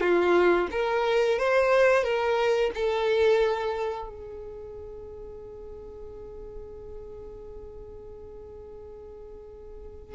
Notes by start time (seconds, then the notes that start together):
0.00 F4
0.71 A#4
1.38 C5
2.03 A#4
2.74 A4
4.08 G#4